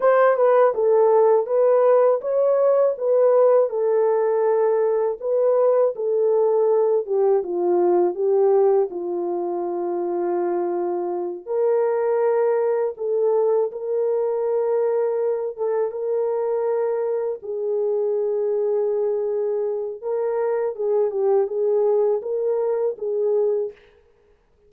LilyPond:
\new Staff \with { instrumentName = "horn" } { \time 4/4 \tempo 4 = 81 c''8 b'8 a'4 b'4 cis''4 | b'4 a'2 b'4 | a'4. g'8 f'4 g'4 | f'2.~ f'8 ais'8~ |
ais'4. a'4 ais'4.~ | ais'4 a'8 ais'2 gis'8~ | gis'2. ais'4 | gis'8 g'8 gis'4 ais'4 gis'4 | }